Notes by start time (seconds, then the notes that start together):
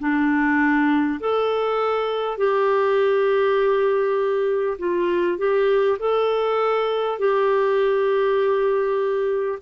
0.00 D4
1.21 A4
2.38 G4
4.79 F4
5.39 G4
6.00 A4
7.19 G4